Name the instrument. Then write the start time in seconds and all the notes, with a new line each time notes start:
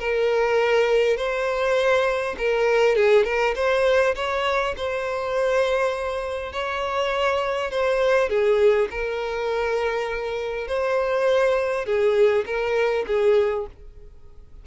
violin
0.00 A#4
1.17 C5
2.38 A#4
2.96 G#4
3.25 A#4
3.56 C5
4.16 C#5
4.77 C5
6.53 C#5
7.71 C5
8.30 G#4
8.91 A#4
10.68 C5
11.86 G#4
12.46 A#4
13.07 G#4